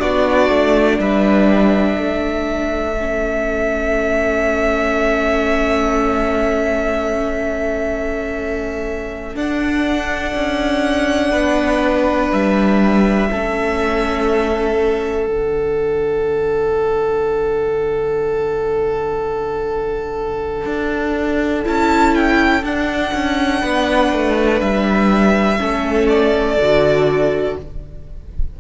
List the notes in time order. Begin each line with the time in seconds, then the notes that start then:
0.00 B3 D4 F#4 D5
0.49 A3
0.99 G3 B4 E5
1.98 A3 A4
3.00 C#4
9.35 D4 F#5
10.35 C#4
11.32 B3 B4
12.32 G3 E5
13.31 A3 C#4 A4
15.26 D3 D4 F#5
20.66 D4
21.65 C#4 E4 A5
22.15 G5
22.64 D4 F#5
23.14 C#4
23.61 B3 B4
24.12 A3
24.60 G3 E5
25.58 A3 C#4 A4
26.09 D5
26.58 D3 F#4